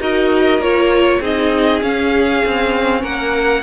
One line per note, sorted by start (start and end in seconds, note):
0.00 0.59 D#4
0.00 0.61 F#4
0.00 1.20 A#4
0.00 0.62 D#5
0.59 1.19 A#3
0.59 1.22 F4
0.59 1.22 C#5
1.20 1.81 C4
1.20 1.81 D#4
1.20 3.01 G#4
1.20 1.82 D#5
1.81 3.63 C#4
1.81 2.43 C#4
1.81 3.03 F5
2.45 3.03 C4
3.02 3.63 A#3
3.02 3.62 A#4
3.02 3.63 F#5